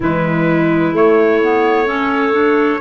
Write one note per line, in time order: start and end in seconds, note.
0.00 0.91 E3
0.00 0.94 G#3
0.00 1.86 E4
0.00 0.96 B4
0.91 2.79 A3
0.91 1.41 A3
0.91 2.81 C#5
1.42 1.86 B3
1.86 2.32 C#4
1.86 2.79 A4
2.32 2.79 D4